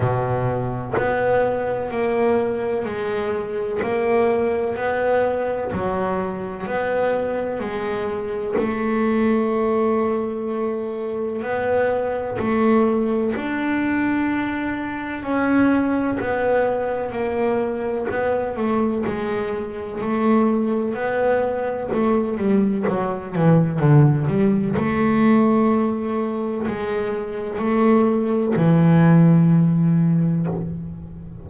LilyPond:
\new Staff \with { instrumentName = "double bass" } { \time 4/4 \tempo 4 = 63 b,4 b4 ais4 gis4 | ais4 b4 fis4 b4 | gis4 a2. | b4 a4 d'2 |
cis'4 b4 ais4 b8 a8 | gis4 a4 b4 a8 g8 | fis8 e8 d8 g8 a2 | gis4 a4 e2 | }